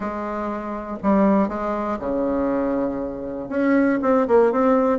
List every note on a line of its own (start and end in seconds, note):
0.00 0.97 G#3
1.02 1.48 G3
1.48 1.98 G#3
1.99 3.49 C#3
3.49 3.99 C#4
4.02 4.27 C4
4.27 4.52 A#3
4.52 4.98 C4